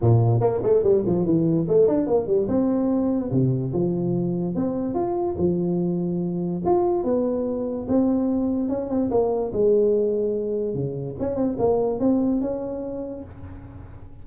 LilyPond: \new Staff \with { instrumentName = "tuba" } { \time 4/4 \tempo 4 = 145 ais,4 ais8 a8 g8 f8 e4 | a8 d'8 ais8 g8 c'2 | c4 f2 c'4 | f'4 f2. |
f'4 b2 c'4~ | c'4 cis'8 c'8 ais4 gis4~ | gis2 cis4 cis'8 c'8 | ais4 c'4 cis'2 | }